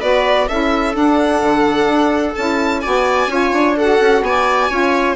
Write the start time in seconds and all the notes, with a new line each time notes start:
0.00 B3 F#4 B4 D5
0.48 C#4 E4 A4 E5
0.92 D4 F#5
1.42 D3
1.86 D4
2.34 C#4 E4 A5
2.80 F#4 D5 G#5
2.86 B3
3.27 C#4 F4 C#5
3.52 D4
3.76 F#4 A4 F#5
4.00 C#4
4.22 B3 D5 G#5
4.69 C#4 F4 C#5